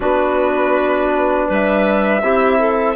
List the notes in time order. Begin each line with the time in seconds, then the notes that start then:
0.00 B3 D4 F#4 B4
1.47 G3 B4 E5
2.22 C4 E4 G4
2.58 A4